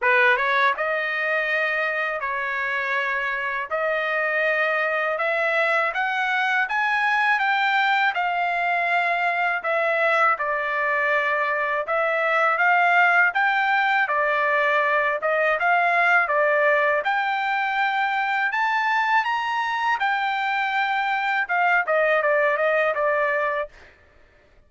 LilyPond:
\new Staff \with { instrumentName = "trumpet" } { \time 4/4 \tempo 4 = 81 b'8 cis''8 dis''2 cis''4~ | cis''4 dis''2 e''4 | fis''4 gis''4 g''4 f''4~ | f''4 e''4 d''2 |
e''4 f''4 g''4 d''4~ | d''8 dis''8 f''4 d''4 g''4~ | g''4 a''4 ais''4 g''4~ | g''4 f''8 dis''8 d''8 dis''8 d''4 | }